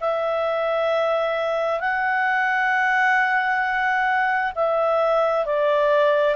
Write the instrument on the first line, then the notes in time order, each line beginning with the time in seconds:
clarinet
0.00 E5
1.79 F#5
4.55 E5
5.45 D5